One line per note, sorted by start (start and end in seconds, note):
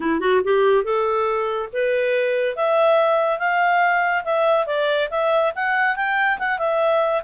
0.00 0.20 E4
0.20 0.41 F#4
0.44 0.84 G4
0.84 1.69 A4
1.72 2.56 B4
2.56 3.38 E5
3.38 4.23 F5
4.24 4.66 E5
4.66 5.09 D5
5.10 5.53 E5
5.55 5.96 F#5
5.96 6.38 G5
6.38 6.58 F#5
6.58 7.22 E5